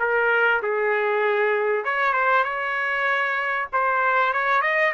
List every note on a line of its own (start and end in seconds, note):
0.00 0.62 A#4
0.63 1.85 G#4
1.85 2.13 C#5
2.13 2.44 C5
2.44 3.68 C#5
3.73 4.34 C5
4.34 4.62 C#5
4.62 4.93 D#5